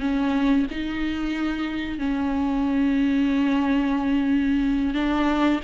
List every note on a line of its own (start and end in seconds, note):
0.00 0.66 C#4
0.70 1.98 D#4
1.98 4.94 C#4
4.94 5.60 D4